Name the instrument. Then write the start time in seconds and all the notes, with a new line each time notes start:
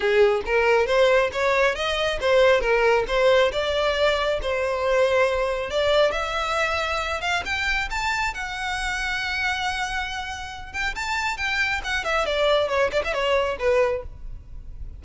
violin
0.00 G#4
0.45 A#4
0.86 C5
1.32 C#5
1.75 D#5
2.20 C5
2.60 A#4
3.07 C5
3.52 D5
4.42 C5
5.70 D5
6.11 E5
7.21 F5
7.45 G5
7.90 A5
8.34 F#5
10.72 G5
10.95 A5
11.37 G5
11.84 F#5
12.04 E5
12.25 D5
12.68 C#5
12.92 D5
13.04 E5
13.13 C#5
13.59 B4